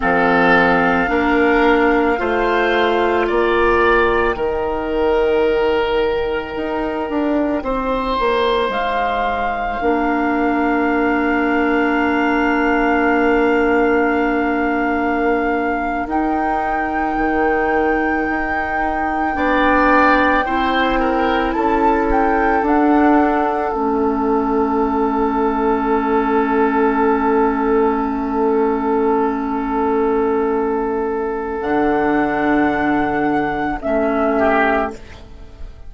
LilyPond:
<<
  \new Staff \with { instrumentName = "flute" } { \time 4/4 \tempo 4 = 55 f''2. g''4~ | g''1 | f''1~ | f''2~ f''8. g''4~ g''16~ |
g''2.~ g''8. a''16~ | a''16 g''8 fis''4 e''2~ e''16~ | e''1~ | e''4 fis''2 e''4 | }
  \new Staff \with { instrumentName = "oboe" } { \time 4/4 a'4 ais'4 c''4 d''4 | ais'2. c''4~ | c''4 ais'2.~ | ais'1~ |
ais'4.~ ais'16 d''4 c''8 ais'8 a'16~ | a'1~ | a'1~ | a'2.~ a'8 g'8 | }
  \new Staff \with { instrumentName = "clarinet" } { \time 4/4 c'4 d'4 f'2 | dis'1~ | dis'4 d'2.~ | d'2~ d'8. dis'4~ dis'16~ |
dis'4.~ dis'16 d'4 e'4~ e'16~ | e'8. d'4 cis'2~ cis'16~ | cis'1~ | cis'4 d'2 cis'4 | }
  \new Staff \with { instrumentName = "bassoon" } { \time 4/4 f4 ais4 a4 ais4 | dis2 dis'8 d'8 c'8 ais8 | gis4 ais2.~ | ais2~ ais8. dis'4 dis16~ |
dis8. dis'4 b4 c'4 cis'16~ | cis'8. d'4 a2~ a16~ | a1~ | a4 d2 a4 | }
>>